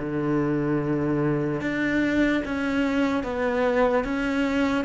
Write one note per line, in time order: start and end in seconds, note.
0.00 1.61 D3
1.61 2.44 D4
2.45 3.24 C#4
3.24 4.05 B3
4.05 4.85 C#4